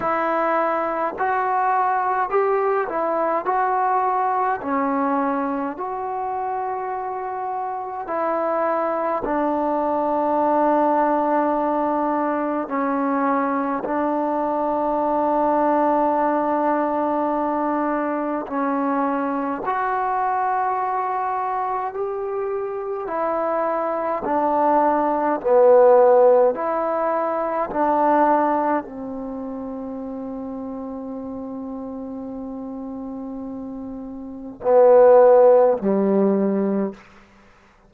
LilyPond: \new Staff \with { instrumentName = "trombone" } { \time 4/4 \tempo 4 = 52 e'4 fis'4 g'8 e'8 fis'4 | cis'4 fis'2 e'4 | d'2. cis'4 | d'1 |
cis'4 fis'2 g'4 | e'4 d'4 b4 e'4 | d'4 c'2.~ | c'2 b4 g4 | }